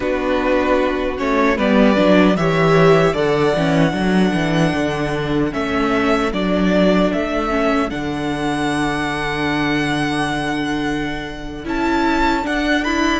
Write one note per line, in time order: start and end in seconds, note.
0.00 1.18 B3
0.00 1.17 D4
0.00 1.56 F#4
0.00 1.16 B4
1.17 1.58 A3
1.17 1.57 C#4
1.17 1.57 C#5
1.56 1.97 G3
1.56 1.95 B3
1.56 2.35 B4
1.56 2.36 D5
1.95 2.36 F#3
1.95 2.35 D4
2.36 3.13 E3
2.36 3.15 G4
2.36 3.13 C#5
2.36 3.15 E5
3.13 3.52 D3
3.13 3.54 A4
3.13 3.92 D5
3.13 5.53 F#5
3.56 3.93 E3
3.56 3.90 C#4
3.90 4.32 F#3
3.90 5.48 D4
3.90 13.19 A4
4.34 4.73 E3
4.74 5.53 D3
5.52 6.32 A3
5.52 6.31 C#4
5.52 6.32 E5
6.32 7.11 F#3
6.32 7.49 D4
6.32 7.12 D5
7.12 7.91 A3
7.12 7.89 E5
7.49 7.89 C#4
7.89 11.65 D3
7.89 11.64 D4
7.89 11.64 F#5
11.64 12.44 C#4
11.64 12.43 E4
11.64 12.46 A5
12.43 12.82 D4
12.43 13.19 D4
12.43 12.84 F#5
12.84 13.19 E4
12.84 13.19 B5